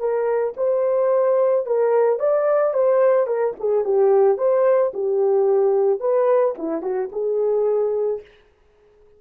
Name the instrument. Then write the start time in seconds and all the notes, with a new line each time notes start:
horn
0.00 A#4
0.57 C5
1.66 A#4
2.20 D5
2.74 C5
3.27 A#4
3.60 G#4
3.85 G4
4.38 C5
4.94 G4
6.00 B4
6.58 E4
6.82 F#4
7.12 G#4